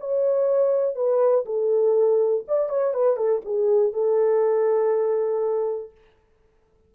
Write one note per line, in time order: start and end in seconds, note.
0.00 0.96 C#5
0.96 1.45 B4
1.46 2.45 A4
2.48 2.70 D5
2.70 2.94 C#5
2.94 3.17 B4
3.17 3.42 A4
3.46 3.94 G#4
3.94 5.92 A4